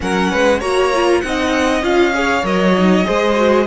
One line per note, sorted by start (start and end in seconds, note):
0.00 0.32 F#3
0.00 0.61 C#4
0.00 0.31 A#4
0.00 0.60 F#5
0.31 0.61 G#3
0.31 0.59 B4
0.59 1.22 A#3
0.59 0.92 F#4
0.59 1.20 C#5
0.59 1.21 A#5
0.94 1.24 F4
1.21 1.82 C4
1.21 1.82 D#4
1.21 2.14 D#5
1.21 1.82 F#5
1.82 2.43 C#4
1.82 2.13 F4
1.82 2.45 F5
2.14 2.43 G#4
2.14 3.06 C#5
2.43 3.04 F#3
2.43 2.74 A#4
2.43 3.66 D#5
2.77 3.04 D#4
3.04 3.66 G#3
3.04 3.35 G#4
3.04 3.66 C5
3.35 3.66 F#4